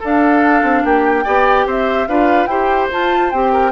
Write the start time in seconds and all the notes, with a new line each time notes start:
0.00 D4 A4 F5
0.63 C4
0.84 A#3 G4 G5
1.24 B3 G4 D5
1.66 C4 C5 E5
2.08 D4 F4 B4 F5
2.46 E4 G4 C5 G5
2.91 F4 A5
3.31 C4 G4 G5
3.53 A#4